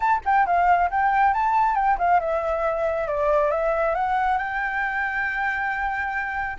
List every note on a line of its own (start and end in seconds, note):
0.00 0.21 A5
0.25 0.46 G5
0.46 0.90 F5
0.90 1.33 G5
1.33 1.75 A5
1.75 1.97 G5
1.98 2.20 F5
2.20 3.07 E5
3.07 3.50 D5
3.50 3.94 E5
3.95 4.38 F#5
4.38 6.57 G5